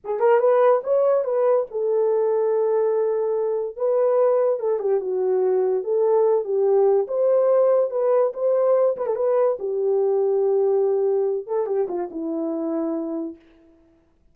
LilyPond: \new Staff \with { instrumentName = "horn" } { \time 4/4 \tempo 4 = 144 gis'8 ais'8 b'4 cis''4 b'4 | a'1~ | a'4 b'2 a'8 g'8 | fis'2 a'4. g'8~ |
g'4 c''2 b'4 | c''4. b'16 a'16 b'4 g'4~ | g'2.~ g'8 a'8 | g'8 f'8 e'2. | }